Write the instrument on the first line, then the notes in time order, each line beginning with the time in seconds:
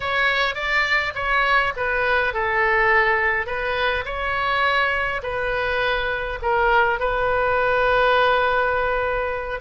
oboe
0.00 C#5
0.55 D5
1.15 C#5
1.76 B4
2.33 A4
3.46 B4
4.05 C#5
5.22 B4
6.42 A#4
6.99 B4